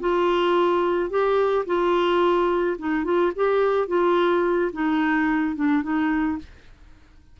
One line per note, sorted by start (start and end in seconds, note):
0.00 1.10 F4
1.10 1.65 G4
1.66 2.77 F4
2.78 3.04 D#4
3.04 3.32 F4
3.36 3.88 G4
3.88 4.71 F4
4.73 5.55 D#4
5.55 5.83 D4
5.83 6.38 D#4